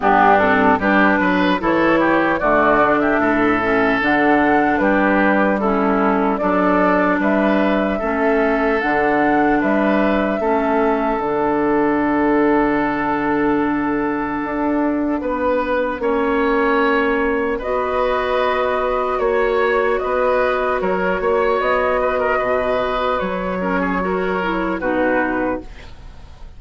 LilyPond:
<<
  \new Staff \with { instrumentName = "flute" } { \time 4/4 \tempo 4 = 75 g'8 a'8 b'4 cis''4 d''8. e''16~ | e''4 fis''4 b'4 a'4 | d''4 e''2 fis''4 | e''2 fis''2~ |
fis''1~ | fis''2 dis''2 | cis''4 dis''4 cis''4 dis''4~ | dis''4 cis''2 b'4 | }
  \new Staff \with { instrumentName = "oboe" } { \time 4/4 d'4 g'8 b'8 a'8 g'8 fis'8. g'16 | a'2 g'4 e'4 | a'4 b'4 a'2 | b'4 a'2.~ |
a'2. b'4 | cis''2 b'2 | cis''4 b'4 ais'8 cis''4 b'16 ais'16 | b'4. ais'16 gis'16 ais'4 fis'4 | }
  \new Staff \with { instrumentName = "clarinet" } { \time 4/4 b8 c'8 d'4 e'4 a8 d'8~ | d'8 cis'8 d'2 cis'4 | d'2 cis'4 d'4~ | d'4 cis'4 d'2~ |
d'1 | cis'2 fis'2~ | fis'1~ | fis'4. cis'8 fis'8 e'8 dis'4 | }
  \new Staff \with { instrumentName = "bassoon" } { \time 4/4 g,4 g8 fis8 e4 d4 | a,4 d4 g2 | fis4 g4 a4 d4 | g4 a4 d2~ |
d2 d'4 b4 | ais2 b2 | ais4 b4 fis8 ais8 b4 | b,4 fis2 b,4 | }
>>